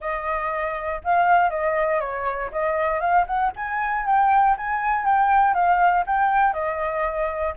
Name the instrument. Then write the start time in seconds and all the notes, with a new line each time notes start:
flute
0.00 D#5
1.03 F5
1.50 D#5
2.00 C#5
2.51 D#5
3.00 F5
3.27 F#5
3.55 G#5
4.06 G5
4.57 G#5
5.05 G5
5.53 F5
6.06 G5
6.53 D#5